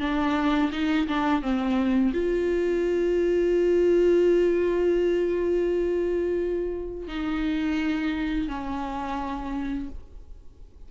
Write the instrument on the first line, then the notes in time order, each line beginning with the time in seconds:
viola
0.00 D4
0.72 D#4
1.07 D4
1.42 C4
2.14 F4
7.08 D#4
8.48 C#4